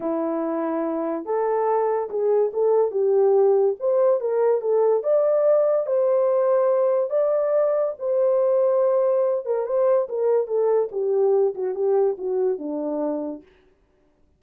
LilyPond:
\new Staff \with { instrumentName = "horn" } { \time 4/4 \tempo 4 = 143 e'2. a'4~ | a'4 gis'4 a'4 g'4~ | g'4 c''4 ais'4 a'4 | d''2 c''2~ |
c''4 d''2 c''4~ | c''2~ c''8 ais'8 c''4 | ais'4 a'4 g'4. fis'8 | g'4 fis'4 d'2 | }